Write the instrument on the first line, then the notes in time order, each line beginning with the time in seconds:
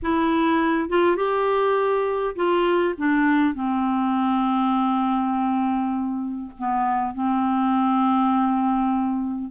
clarinet
0.02 E4
0.89 F4
1.16 G4
2.35 F4
2.97 D4
3.54 C4
6.58 B3
7.14 C4